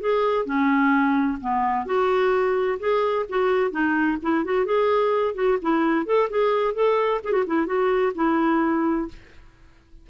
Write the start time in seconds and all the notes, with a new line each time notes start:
0.00 G#4
0.45 C#4
1.41 B3
1.86 F#4
2.79 G#4
3.29 F#4
3.71 D#4
4.22 E4
4.44 F#4
4.65 G#4
5.34 F#4
5.62 E4
6.06 A4
6.30 G#4
6.74 A4
7.24 G#4
7.32 F#4
7.47 E4
7.66 F#4
8.15 E4